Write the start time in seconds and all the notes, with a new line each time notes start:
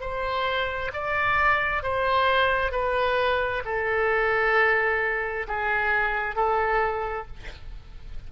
0.00 C5
0.93 D5
1.83 C5
2.71 B4
3.65 A4
5.48 G#4
6.36 A4